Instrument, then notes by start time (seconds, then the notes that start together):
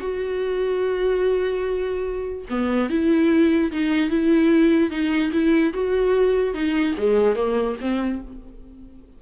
viola
0.00 F#4
2.50 B3
2.90 E4
3.72 D#4
4.10 E4
4.91 D#4
5.33 E4
5.74 F#4
6.54 D#4
6.98 G#3
7.36 A#3
7.81 C4